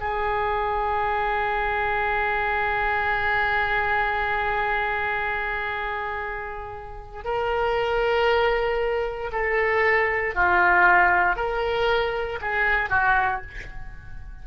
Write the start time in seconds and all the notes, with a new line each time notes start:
0.00 G#4
7.24 A#4
9.32 A4
10.35 F4
11.36 A#4
12.41 G#4
12.90 F#4